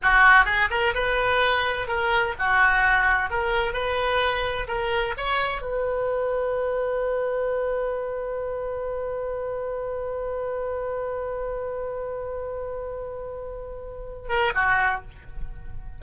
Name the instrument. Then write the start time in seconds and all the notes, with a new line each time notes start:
oboe
0.02 F#4
0.45 G#4
0.70 A#4
0.94 B4
1.87 A#4
2.38 F#4
3.30 A#4
3.73 B4
4.67 A#4
5.17 C#5
5.61 B4
14.28 A#4
14.54 F#4